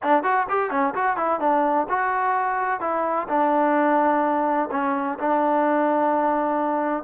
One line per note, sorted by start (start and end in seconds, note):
0.02 0.23 D4
0.23 0.46 F#4
0.49 0.70 G4
0.70 0.94 C#4
0.94 1.16 F#4
1.16 1.40 E4
1.40 1.87 D4
1.89 2.80 F#4
2.80 3.27 E4
3.28 4.69 D4
4.71 5.18 C#4
5.18 7.03 D4